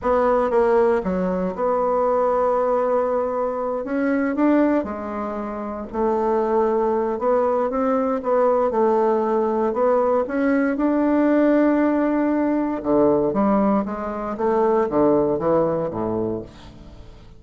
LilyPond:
\new Staff \with { instrumentName = "bassoon" } { \time 4/4 \tempo 4 = 117 b4 ais4 fis4 b4~ | b2.~ b8 cis'8~ | cis'8 d'4 gis2 a8~ | a2 b4 c'4 |
b4 a2 b4 | cis'4 d'2.~ | d'4 d4 g4 gis4 | a4 d4 e4 a,4 | }